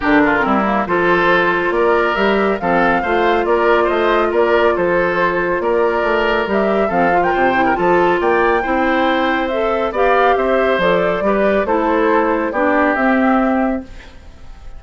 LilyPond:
<<
  \new Staff \with { instrumentName = "flute" } { \time 4/4 \tempo 4 = 139 ais'2 c''2 | d''4 e''4 f''2 | d''4 dis''4 d''4 c''4~ | c''4 d''2 e''4 |
f''8. g''4~ g''16 a''4 g''4~ | g''2 e''4 f''4 | e''4 d''2 c''4~ | c''4 d''4 e''2 | }
  \new Staff \with { instrumentName = "oboe" } { \time 4/4 g'8 f'8 e'4 a'2 | ais'2 a'4 c''4 | ais'4 c''4 ais'4 a'4~ | a'4 ais'2. |
a'8. ais'16 c''8. ais'16 a'4 d''4 | c''2. d''4 | c''2 b'4 a'4~ | a'4 g'2. | }
  \new Staff \with { instrumentName = "clarinet" } { \time 4/4 d'4 c'8 ais8 f'2~ | f'4 g'4 c'4 f'4~ | f'1~ | f'2. g'4 |
c'8 f'4 e'8 f'2 | e'2 a'4 g'4~ | g'4 a'4 g'4 e'4~ | e'4 d'4 c'2 | }
  \new Staff \with { instrumentName = "bassoon" } { \time 4/4 d4 g4 f2 | ais4 g4 f4 a4 | ais4 a4 ais4 f4~ | f4 ais4 a4 g4 |
f4 c4 f4 ais4 | c'2. b4 | c'4 f4 g4 a4~ | a4 b4 c'2 | }
>>